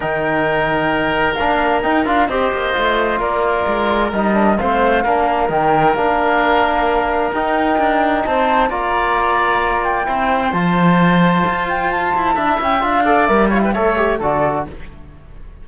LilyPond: <<
  \new Staff \with { instrumentName = "flute" } { \time 4/4 \tempo 4 = 131 g''2. f''4 | g''8 f''8 dis''2 d''4~ | d''4 dis''4 f''2 | g''4 f''2. |
g''2 a''4 ais''4~ | ais''4. g''4. a''4~ | a''4. g''8 a''4. g''8 | f''4 e''8 f''16 g''16 e''4 d''4 | }
  \new Staff \with { instrumentName = "oboe" } { \time 4/4 ais'1~ | ais'4 c''2 ais'4~ | ais'2 c''4 ais'4~ | ais'1~ |
ais'2 c''4 d''4~ | d''2 c''2~ | c''2. e''4~ | e''8 d''4 cis''16 b'16 cis''4 a'4 | }
  \new Staff \with { instrumentName = "trombone" } { \time 4/4 dis'2. d'4 | dis'8 f'8 g'4 f'2~ | f'4 dis'8 d'8 c'4 d'4 | dis'4 d'2. |
dis'2. f'4~ | f'2 e'4 f'4~ | f'2. e'4 | f'8 a'8 ais'8 e'8 a'8 g'8 fis'4 | }
  \new Staff \with { instrumentName = "cello" } { \time 4/4 dis2. ais4 | dis'8 d'8 c'8 ais8 a4 ais4 | gis4 g4 a4 ais4 | dis4 ais2. |
dis'4 d'4 c'4 ais4~ | ais2 c'4 f4~ | f4 f'4. e'8 d'8 cis'8 | d'4 g4 a4 d4 | }
>>